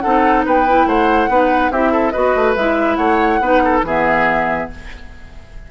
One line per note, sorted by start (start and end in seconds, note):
0.00 0.46 C4
0.00 0.67 D#4
0.00 0.45 A4
0.00 0.42 F#5
0.45 0.85 B3
0.45 0.87 B4
0.45 0.87 G5
0.68 1.29 E4
0.85 1.28 A3
0.85 1.30 C5
0.85 1.72 F#5
1.28 1.70 B3
1.28 1.71 D#4
1.28 1.71 B4
1.70 2.12 C4
1.70 2.13 E4
1.70 1.92 G4
1.70 2.10 E5
1.92 2.13 A4
2.10 2.35 B3
2.10 2.55 F#4
2.10 2.97 B4
2.10 2.53 D#5
2.35 2.56 A3
2.56 2.97 G#3
2.56 3.42 E4
2.56 2.96 E5
2.96 3.39 A3
2.96 3.39 C#5
2.96 3.80 F#5
3.39 3.82 B3
3.39 3.84 D#4
3.39 3.63 B4
3.64 3.85 A4
3.82 4.67 E3
3.82 4.71 B3
3.82 4.70 G#4
3.82 4.70 E5